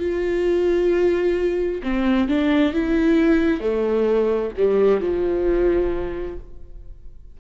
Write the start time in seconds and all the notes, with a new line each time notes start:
0.00 F4
1.83 C4
2.29 D4
2.73 E4
3.60 A3
4.57 G3
5.01 F3